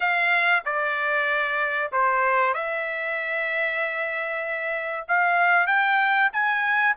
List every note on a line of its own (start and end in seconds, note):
0.00 0.62 F5
0.65 1.91 D5
1.91 2.53 C5
2.53 5.06 E5
5.08 5.66 F5
5.66 6.30 G5
6.32 6.95 G#5